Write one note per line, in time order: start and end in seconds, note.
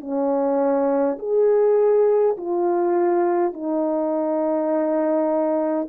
0.00 1.18 C#4
1.19 2.36 G#4
2.37 3.53 F4
3.53 5.88 D#4